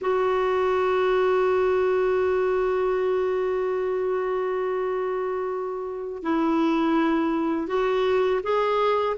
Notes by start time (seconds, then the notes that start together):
0.01 F#4
6.22 E4
7.67 F#4
8.43 G#4